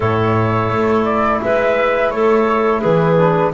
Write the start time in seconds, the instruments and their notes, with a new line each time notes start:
0.00 double bass A2, trombone E4, clarinet A4, flute C#5
0.69 double bass A3
1.04 flute D5
1.42 double bass G#3, clarinet B4, flute E5
2.10 double bass A3, clarinet A4, flute C#5
2.80 double bass E3, clarinet G#4, flute B4
3.17 trombone D4